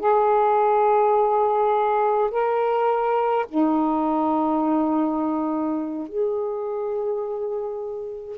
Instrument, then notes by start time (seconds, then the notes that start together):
saxophone
0.00 G#4
2.31 A#4
3.49 D#4
6.08 G#4